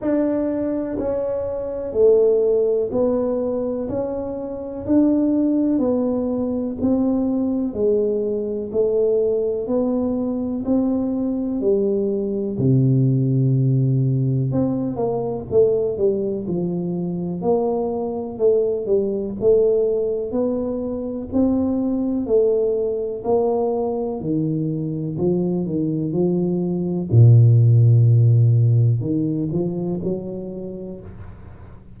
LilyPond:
\new Staff \with { instrumentName = "tuba" } { \time 4/4 \tempo 4 = 62 d'4 cis'4 a4 b4 | cis'4 d'4 b4 c'4 | gis4 a4 b4 c'4 | g4 c2 c'8 ais8 |
a8 g8 f4 ais4 a8 g8 | a4 b4 c'4 a4 | ais4 dis4 f8 dis8 f4 | ais,2 dis8 f8 fis4 | }